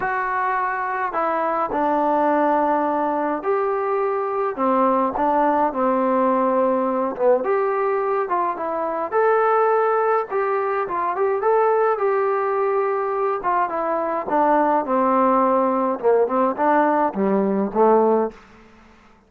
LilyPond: \new Staff \with { instrumentName = "trombone" } { \time 4/4 \tempo 4 = 105 fis'2 e'4 d'4~ | d'2 g'2 | c'4 d'4 c'2~ | c'8 b8 g'4. f'8 e'4 |
a'2 g'4 f'8 g'8 | a'4 g'2~ g'8 f'8 | e'4 d'4 c'2 | ais8 c'8 d'4 g4 a4 | }